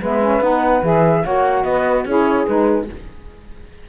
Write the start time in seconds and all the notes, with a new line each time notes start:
0.00 G#3 B3 B4 E5
0.22 C#4
0.41 B3 D#4 F#5
0.83 E3 G#4 E5
1.23 A#3 F#4 C#5 F#5
1.63 B3 B4 D#5
2.05 C#4 E4 G#4 C#5
2.47 G#3 D#4 B4